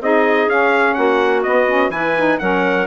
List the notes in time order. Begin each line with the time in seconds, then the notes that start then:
0.00 C4 D#4 G#4 D#5
0.47 C#4 F5
0.94 A#3 F#4 F#5
1.42 B3 D#5
1.68 C#4
1.89 E3 E4 B4 G#5
2.17 D#4
2.39 F#3 C#4 A#4 F#5